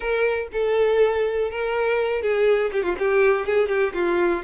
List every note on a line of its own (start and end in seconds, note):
0.00 0.47 A#4
0.52 1.50 A4
1.50 2.21 A#4
2.21 2.70 G#4
2.72 2.83 G4
2.83 2.95 F4
2.98 3.46 G4
3.46 3.68 G#4
3.68 3.93 G4
3.93 4.42 F4